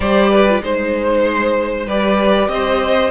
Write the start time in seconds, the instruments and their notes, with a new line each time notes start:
0.00 cello G3, viola G4, violin C5 D5
0.30 violin B4
0.49 viola F4
0.60 cello G#3, viola D#4, violin C5
1.86 cello G3, viola G4, violin B4 D5
2.48 cello C4, violin C5 D#5